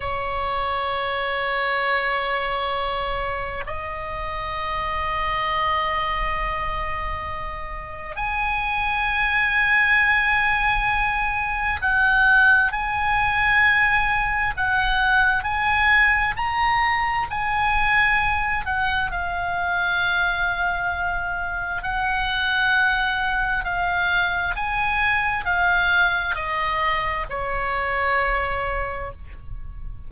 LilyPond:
\new Staff \with { instrumentName = "oboe" } { \time 4/4 \tempo 4 = 66 cis''1 | dis''1~ | dis''4 gis''2.~ | gis''4 fis''4 gis''2 |
fis''4 gis''4 ais''4 gis''4~ | gis''8 fis''8 f''2. | fis''2 f''4 gis''4 | f''4 dis''4 cis''2 | }